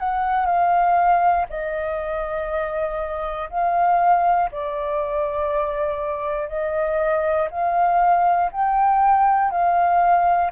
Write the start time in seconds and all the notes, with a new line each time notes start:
0.00 F#5
0.46 F5
1.50 D#5
3.50 F5
4.52 D5
6.49 D#5
7.51 F5
8.52 G5
9.51 F5